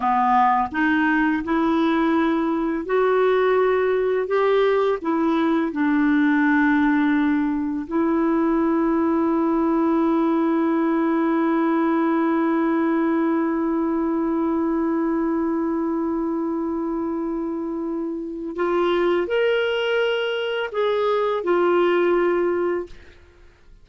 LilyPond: \new Staff \with { instrumentName = "clarinet" } { \time 4/4 \tempo 4 = 84 b4 dis'4 e'2 | fis'2 g'4 e'4 | d'2. e'4~ | e'1~ |
e'1~ | e'1~ | e'2 f'4 ais'4~ | ais'4 gis'4 f'2 | }